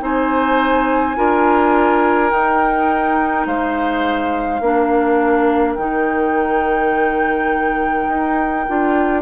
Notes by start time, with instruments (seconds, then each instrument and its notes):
0.00 bassoon C4, clarinet D#4, oboe C5, flute G#5
1.16 bassoon D4, clarinet F4, oboe A#4
2.30 clarinet D#4, bassoon D#4, flute G5
3.46 bassoon G#3, oboe C5, flute F5
4.60 bassoon A#3, clarinet D4, oboe A#4
5.75 bassoon D#3, clarinet D#4, flute G5
8.08 bassoon D#4
8.67 bassoon D4, clarinet F4